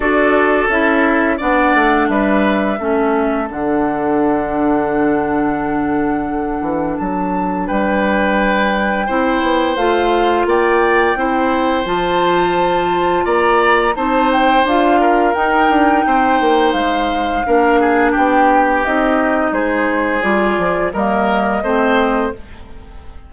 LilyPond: <<
  \new Staff \with { instrumentName = "flute" } { \time 4/4 \tempo 4 = 86 d''4 e''4 fis''4 e''4~ | e''4 fis''2.~ | fis''2 a''4 g''4~ | g''2 f''4 g''4~ |
g''4 a''2 ais''4 | a''8 g''8 f''4 g''2 | f''2 g''4 dis''4 | c''4 d''4 dis''2 | }
  \new Staff \with { instrumentName = "oboe" } { \time 4/4 a'2 d''4 b'4 | a'1~ | a'2. b'4~ | b'4 c''2 d''4 |
c''2. d''4 | c''4. ais'4. c''4~ | c''4 ais'8 gis'8 g'2 | gis'2 ais'4 c''4 | }
  \new Staff \with { instrumentName = "clarinet" } { \time 4/4 fis'4 e'4 d'2 | cis'4 d'2.~ | d'1~ | d'4 e'4 f'2 |
e'4 f'2. | dis'4 f'4 dis'2~ | dis'4 d'2 dis'4~ | dis'4 f'4 ais4 c'4 | }
  \new Staff \with { instrumentName = "bassoon" } { \time 4/4 d'4 cis'4 b8 a8 g4 | a4 d2.~ | d4. e8 fis4 g4~ | g4 c'8 b8 a4 ais4 |
c'4 f2 ais4 | c'4 d'4 dis'8 d'8 c'8 ais8 | gis4 ais4 b4 c'4 | gis4 g8 f8 g4 a4 | }
>>